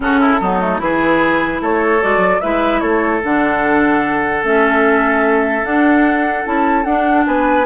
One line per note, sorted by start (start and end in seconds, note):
0.00 0.39 C#3
0.00 0.39 C#4
0.00 0.20 F#4
0.00 0.80 A4
0.20 0.40 E4
0.40 0.79 F#3
0.40 0.61 B3
0.40 0.81 D#4
0.61 0.78 A3
0.78 1.60 E3
0.78 1.99 E4
0.78 1.61 G#4
0.78 1.61 B4
1.61 2.01 A3
1.61 2.42 A4
1.61 2.02 C#5
2.01 2.17 G#3
2.01 2.41 F#4
2.01 2.40 D5
2.17 2.37 F#3
2.40 2.81 G#3
2.40 3.22 E4
2.40 2.81 B4
2.40 2.80 E5
2.80 3.21 A3
2.80 7.24 A4
2.80 3.20 C#5
3.23 4.43 D3
3.23 4.43 D4
3.23 4.44 F#5
4.43 5.63 A3
4.43 5.63 C#4
4.43 5.64 E5
5.63 6.44 D4
5.63 6.45 F#5
6.44 6.84 C#4
6.44 6.84 E4
6.44 6.83 A5
6.83 7.25 D4
6.83 7.66 D4
6.83 7.24 F#5
7.26 7.66 B3
7.26 7.66 B4
7.26 7.66 G#5